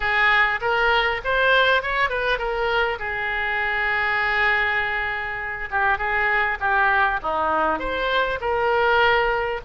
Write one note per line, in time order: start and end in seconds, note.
0.00 0.59 G#4
0.61 1.21 A#4
1.24 1.82 C5
1.82 2.09 C#5
2.09 2.38 B4
2.38 2.98 A#4
2.99 5.69 G#4
5.71 5.98 G4
5.98 6.58 G#4
6.60 7.20 G4
7.22 7.79 D#4
7.79 8.39 C5
8.41 9.61 A#4